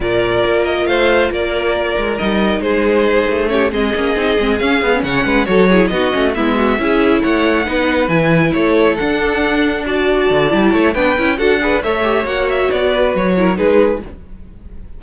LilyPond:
<<
  \new Staff \with { instrumentName = "violin" } { \time 4/4 \tempo 4 = 137 d''4. dis''8 f''4 d''4~ | d''4 dis''4 c''2 | cis''8 dis''2 f''4 fis''8~ | fis''8 cis''4 dis''4 e''4.~ |
e''8 fis''2 gis''4 cis''8~ | cis''8 fis''2 a''4.~ | a''4 g''4 fis''4 e''4 | fis''8 e''8 d''4 cis''4 b'4 | }
  \new Staff \with { instrumentName = "violin" } { \time 4/4 ais'2 c''4 ais'4~ | ais'2 gis'2 | g'8 gis'2. cis''8 | b'8 a'8 gis'8 fis'4 e'8 fis'8 gis'8~ |
gis'8 cis''4 b'2 a'8~ | a'2~ a'8 d''4.~ | d''8 cis''8 b'4 a'8 b'8 cis''4~ | cis''4. b'4 ais'8 gis'4 | }
  \new Staff \with { instrumentName = "viola" } { \time 4/4 f'1~ | f'4 dis'2. | cis'8 c'8 cis'8 dis'8 c'8 cis'8 gis16 cis'8.~ | cis'8 fis'8 e'8 dis'8 cis'8 b4 e'8~ |
e'4. dis'4 e'4.~ | e'8 d'2 fis'4. | e'4 d'8 e'8 fis'8 gis'8 a'8 g'8 | fis'2~ fis'8 e'8 dis'4 | }
  \new Staff \with { instrumentName = "cello" } { \time 4/4 ais,4 ais4 a4 ais4~ | ais8 gis8 g4 gis4. a8~ | a8 gis8 ais8 c'8 gis8 cis'8 b8 cis8 | gis8 fis4 b8 a8 gis4 cis'8~ |
cis'8 a4 b4 e4 a8~ | a8 d'2. d8 | g8 a8 b8 cis'8 d'4 a4 | ais4 b4 fis4 gis4 | }
>>